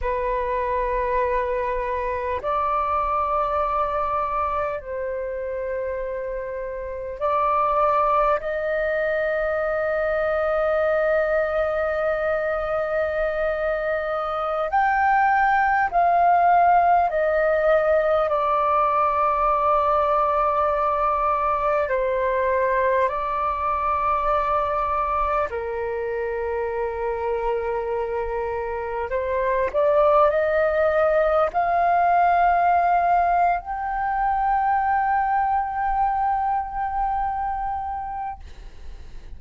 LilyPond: \new Staff \with { instrumentName = "flute" } { \time 4/4 \tempo 4 = 50 b'2 d''2 | c''2 d''4 dis''4~ | dis''1~ | dis''16 g''4 f''4 dis''4 d''8.~ |
d''2~ d''16 c''4 d''8.~ | d''4~ d''16 ais'2~ ais'8.~ | ais'16 c''8 d''8 dis''4 f''4.~ f''16 | g''1 | }